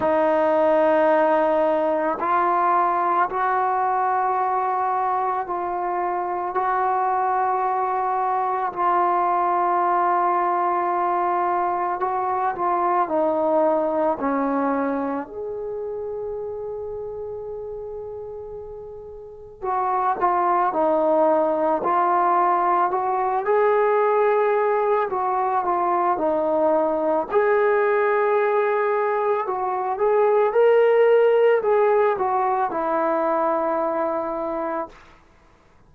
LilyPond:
\new Staff \with { instrumentName = "trombone" } { \time 4/4 \tempo 4 = 55 dis'2 f'4 fis'4~ | fis'4 f'4 fis'2 | f'2. fis'8 f'8 | dis'4 cis'4 gis'2~ |
gis'2 fis'8 f'8 dis'4 | f'4 fis'8 gis'4. fis'8 f'8 | dis'4 gis'2 fis'8 gis'8 | ais'4 gis'8 fis'8 e'2 | }